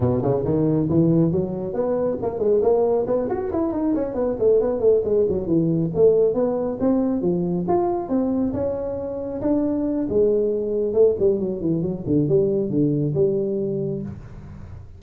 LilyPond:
\new Staff \with { instrumentName = "tuba" } { \time 4/4 \tempo 4 = 137 b,8 cis8 dis4 e4 fis4 | b4 ais8 gis8 ais4 b8 fis'8 | e'8 dis'8 cis'8 b8 a8 b8 a8 gis8 | fis8 e4 a4 b4 c'8~ |
c'8 f4 f'4 c'4 cis'8~ | cis'4. d'4. gis4~ | gis4 a8 g8 fis8 e8 fis8 d8 | g4 d4 g2 | }